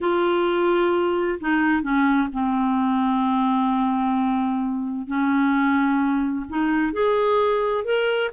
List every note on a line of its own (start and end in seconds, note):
0.00 1.39 F4
1.40 1.82 D#4
1.82 2.28 C#4
2.32 5.07 C4
5.07 6.45 C#4
6.49 6.92 D#4
6.92 7.84 G#4
7.84 8.30 A#4